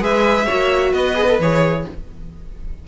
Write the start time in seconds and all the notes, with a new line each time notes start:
0.00 G#3 G#4 B4 E5
0.45 A#3 F#4 C#5
0.91 B3 B4 D#5
1.15 G#4
1.28 A4
1.39 E3 G#4 C#5